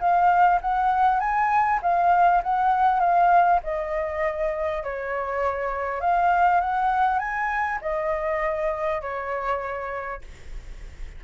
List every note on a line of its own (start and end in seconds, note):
0.00 0.60 F5
0.62 1.20 F#5
1.20 1.80 G#5
1.83 2.43 F5
2.43 3.00 F#5
3.00 3.60 F5
3.64 4.84 D#5
4.84 6.01 C#5
6.01 6.61 F5
6.61 7.19 F#5
7.19 7.79 G#5
7.82 9.02 D#5
9.02 10.22 C#5